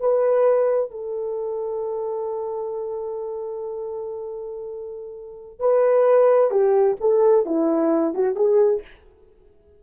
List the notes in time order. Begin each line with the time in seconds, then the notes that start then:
0.00 B4
0.91 A4
5.59 B4
6.51 G4
7.01 A4
7.46 E4
8.14 F#4
8.36 G#4